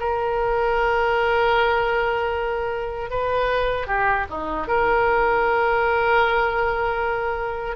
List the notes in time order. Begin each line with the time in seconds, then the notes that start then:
0.00 A#4
3.11 B4
3.87 G4
4.30 D#4
4.68 A#4